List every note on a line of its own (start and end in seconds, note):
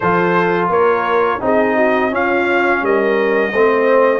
0.00 0.69 F3
0.00 1.40 F4
0.00 0.70 A4
0.00 0.68 C5
0.69 1.39 A#3
0.69 1.41 A#4
0.69 1.42 C#5
1.40 2.12 C4
1.40 2.11 D#4
1.40 1.75 G#4
1.40 2.14 D#5
1.75 2.11 F#4
2.11 3.52 C#4
2.11 2.82 C#4
2.11 2.82 F4
2.11 2.84 F5
2.82 3.52 G3
2.82 3.51 A#4
2.82 4.19 D#5
3.51 4.19 A3
3.51 4.19 C4
3.51 4.19 C5